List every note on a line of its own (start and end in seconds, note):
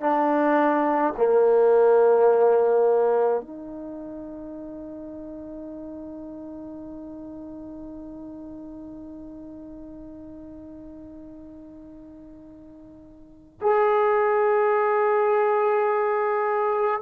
0.00 1.13 D4
1.16 3.41 A#3
3.41 13.60 D#4
13.61 17.01 G#4